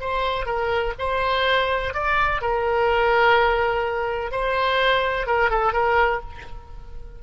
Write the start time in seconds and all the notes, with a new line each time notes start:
0.00 C5
0.46 A#4
0.98 C5
1.94 D5
2.41 A#4
4.31 C5
5.26 A#4
5.50 A4
5.73 A#4